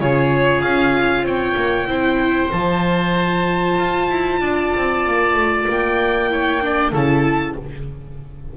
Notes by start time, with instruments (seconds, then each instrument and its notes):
0.00 double bass C#3, viola F4, oboe G#4, violin C#5
0.62 double bass C#4, violin F5
1.23 double bass C4, oboe C#5, violin G5
1.56 double bass A#3
1.87 double bass C4, viola E4, oboe C5
2.51 double bass F3, viola F4, violin A5
3.79 double bass F4
4.09 double bass E4
4.41 double bass D4, oboe D5
4.77 double bass C4
5.07 double bass A#3
5.34 double bass A3
5.68 double bass A#3, violin G5
6.30 viola E4, oboe C#5
6.62 viola D4, oboe D5
6.92 double bass C#3, viola E4, oboe A4, violin A5